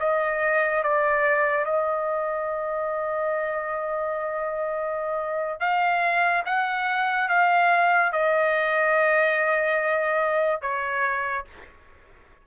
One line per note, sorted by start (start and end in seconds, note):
0.00 0.83 D#5
0.84 1.66 D5
1.66 5.60 D#5
5.60 6.44 F5
6.46 7.29 F#5
7.29 8.12 F5
8.13 10.62 D#5
10.62 11.45 C#5